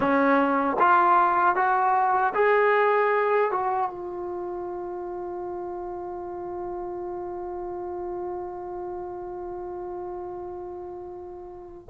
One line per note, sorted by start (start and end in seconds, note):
0.00 0.76 C#4
0.79 1.55 F4
1.55 2.33 F#4
2.34 3.51 G#4
3.51 3.90 F#4
3.90 11.88 F4